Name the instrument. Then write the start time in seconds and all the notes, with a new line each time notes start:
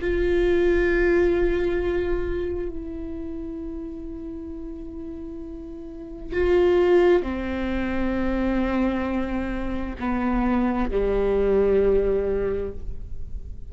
viola
0.00 F4
2.69 E4
6.33 F4
7.22 C4
9.99 B3
10.90 G3